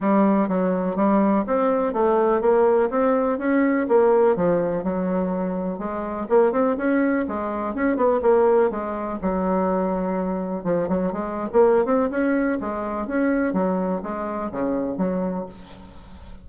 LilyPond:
\new Staff \with { instrumentName = "bassoon" } { \time 4/4 \tempo 4 = 124 g4 fis4 g4 c'4 | a4 ais4 c'4 cis'4 | ais4 f4 fis2 | gis4 ais8 c'8 cis'4 gis4 |
cis'8 b8 ais4 gis4 fis4~ | fis2 f8 fis8 gis8. ais16~ | ais8 c'8 cis'4 gis4 cis'4 | fis4 gis4 cis4 fis4 | }